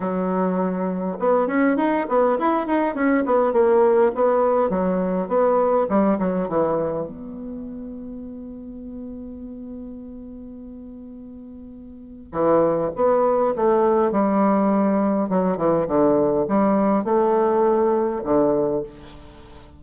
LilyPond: \new Staff \with { instrumentName = "bassoon" } { \time 4/4 \tempo 4 = 102 fis2 b8 cis'8 dis'8 b8 | e'8 dis'8 cis'8 b8 ais4 b4 | fis4 b4 g8 fis8 e4 | b1~ |
b1~ | b4 e4 b4 a4 | g2 fis8 e8 d4 | g4 a2 d4 | }